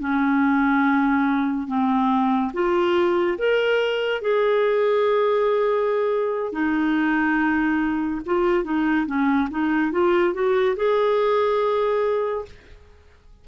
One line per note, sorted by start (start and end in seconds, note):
0.00 1.68 C#4
1.68 2.52 C4
2.54 3.38 F4
3.38 4.22 A#4
4.22 6.53 G#4
6.53 8.22 D#4
8.26 8.65 F4
8.65 9.07 D#4
9.07 9.49 C#4
9.51 9.92 D#4
9.92 10.34 F4
10.34 10.76 F#4
10.77 12.46 G#4